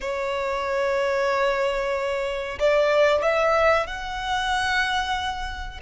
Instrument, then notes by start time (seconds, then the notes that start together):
violin
0.00 C#5
2.59 D5
3.22 E5
3.87 F#5